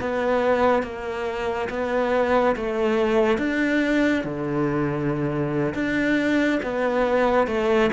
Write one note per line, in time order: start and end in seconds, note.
0.00 0.82 B3
0.82 1.68 A#3
1.69 2.55 B3
2.56 3.38 A3
3.38 4.24 D4
4.24 5.74 D3
5.74 6.60 D4
6.62 7.47 B3
7.47 7.90 A3